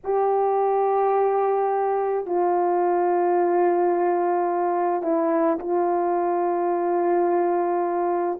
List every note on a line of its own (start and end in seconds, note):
0.04 2.26 G4
2.26 5.02 F4
5.02 5.58 E4
5.59 8.39 F4